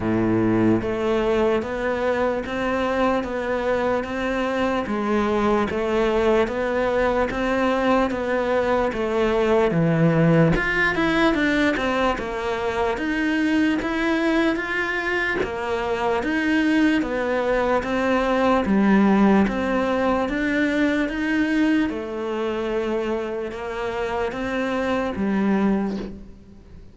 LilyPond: \new Staff \with { instrumentName = "cello" } { \time 4/4 \tempo 4 = 74 a,4 a4 b4 c'4 | b4 c'4 gis4 a4 | b4 c'4 b4 a4 | e4 f'8 e'8 d'8 c'8 ais4 |
dis'4 e'4 f'4 ais4 | dis'4 b4 c'4 g4 | c'4 d'4 dis'4 a4~ | a4 ais4 c'4 g4 | }